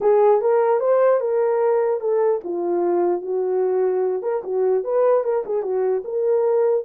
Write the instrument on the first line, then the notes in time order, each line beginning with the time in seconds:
horn
0.01 G#4
0.41 A#4
0.80 C5
1.20 A#4
2.00 A4
2.44 F4
3.21 F#4
4.22 A#4
4.43 F#4
4.83 B4
5.24 A#4
5.45 G#4
5.62 F#4
6.04 A#4